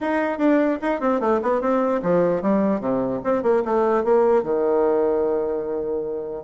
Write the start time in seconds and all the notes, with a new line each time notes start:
0.01 D#4
0.38 D4
0.81 D#4
1.00 C4
1.20 A3
1.42 B3
1.61 C4
2.02 F3
2.42 G3
2.80 C3
3.23 C4
3.42 A#3
3.64 A3
4.04 A#3
4.43 D#3